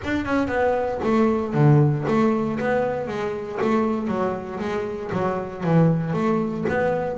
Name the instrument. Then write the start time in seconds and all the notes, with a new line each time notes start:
double bass
0.03 D4
0.25 C#4
0.47 B3
1.03 A3
1.54 D3
2.07 A3
2.59 B3
3.07 G#3
3.61 A3
4.07 F#3
4.59 G#3
5.12 F#3
5.63 E3
6.13 A3
6.69 B3